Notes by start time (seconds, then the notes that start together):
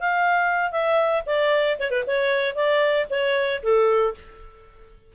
0.00 F5
0.71 E5
1.26 D5
1.79 C#5
1.90 B4
2.06 C#5
2.55 D5
3.10 C#5
3.63 A4